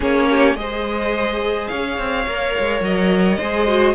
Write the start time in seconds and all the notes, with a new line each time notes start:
0.00 A#3 C#4 G#4 C#5
0.29 G4
0.55 G#3 G#4 C5 D#5
1.67 C#4 C#5 F5
1.98 C4
2.27 A#3 A#4
2.59 G#3
2.80 F#3 D#5
3.38 G#3 G#4 C5
3.67 F#4